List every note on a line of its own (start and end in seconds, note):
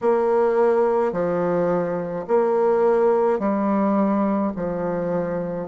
0.01 1.12 A#3
1.12 2.25 F3
2.27 3.39 A#3
3.39 4.52 G3
4.55 5.68 F3